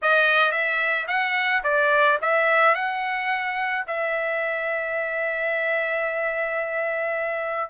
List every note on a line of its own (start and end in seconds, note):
0.02 0.51 D#5
0.51 1.06 E5
1.07 1.62 F#5
1.63 2.18 D5
2.21 2.74 E5
2.74 3.84 F#5
3.87 7.70 E5